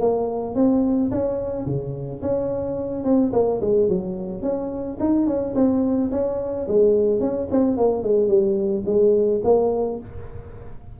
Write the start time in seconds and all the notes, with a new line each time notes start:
0.00 A#3
0.55 C4
1.11 C#4
1.66 C#3
2.21 C#4
3.04 C4
3.32 A#3
3.61 G#3
3.89 F#3
4.42 C#4
5.00 D#4
5.26 C#4
5.55 C4
6.11 C#4
6.67 G#3
7.20 C#4
7.51 C4
7.77 A#3
8.03 G#3
8.28 G3
8.86 G#3
9.44 A#3